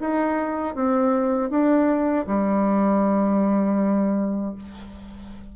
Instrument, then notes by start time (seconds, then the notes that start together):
bassoon
0.00 D#4
0.75 C4
1.50 D4
2.27 G3